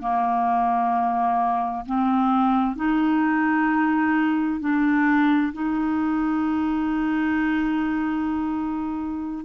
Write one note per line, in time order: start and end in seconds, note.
0.00 1.85 A#3
1.85 2.75 C4
2.75 4.60 D#4
4.60 5.52 D4
5.53 9.45 D#4